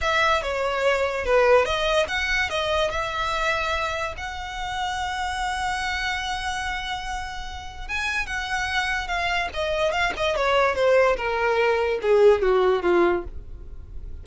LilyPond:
\new Staff \with { instrumentName = "violin" } { \time 4/4 \tempo 4 = 145 e''4 cis''2 b'4 | dis''4 fis''4 dis''4 e''4~ | e''2 fis''2~ | fis''1~ |
fis''2. gis''4 | fis''2 f''4 dis''4 | f''8 dis''8 cis''4 c''4 ais'4~ | ais'4 gis'4 fis'4 f'4 | }